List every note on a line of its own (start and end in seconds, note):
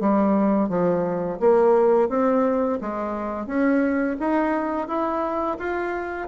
0.00 0.69 G3
0.69 1.39 F3
1.40 2.09 A#3
2.09 2.78 C4
2.81 3.46 G#3
3.46 4.16 C#4
4.20 4.87 D#4
4.87 5.57 E4
5.59 6.28 F4